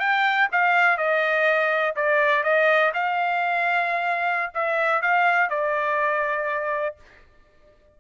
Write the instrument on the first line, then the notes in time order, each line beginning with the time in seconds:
trumpet
0.00 G5
0.52 F5
0.98 D#5
1.96 D5
2.44 D#5
2.94 F5
4.55 E5
5.02 F5
5.50 D5